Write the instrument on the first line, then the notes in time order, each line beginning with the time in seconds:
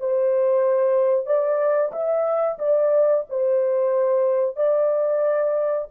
horn
0.00 C5
1.26 D5
1.93 E5
2.59 D5
3.30 C5
4.57 D5